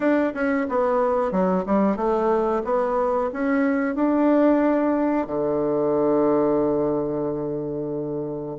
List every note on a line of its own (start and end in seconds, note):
0.00 0.33 D4
0.34 0.67 C#4
0.69 1.31 B3
1.31 1.64 F#3
1.66 1.96 G3
1.96 2.62 A3
2.64 3.30 B3
3.32 3.95 C#4
3.95 5.26 D4
5.26 8.56 D3